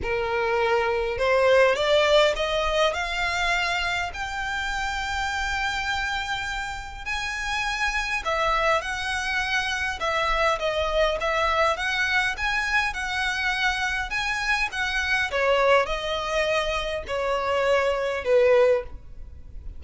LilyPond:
\new Staff \with { instrumentName = "violin" } { \time 4/4 \tempo 4 = 102 ais'2 c''4 d''4 | dis''4 f''2 g''4~ | g''1 | gis''2 e''4 fis''4~ |
fis''4 e''4 dis''4 e''4 | fis''4 gis''4 fis''2 | gis''4 fis''4 cis''4 dis''4~ | dis''4 cis''2 b'4 | }